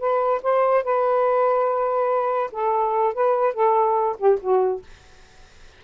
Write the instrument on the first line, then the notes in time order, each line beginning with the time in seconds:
saxophone
0.00 B4
0.43 C5
0.84 B4
2.52 A4
3.14 B4
3.54 A4
4.19 G4
4.41 F#4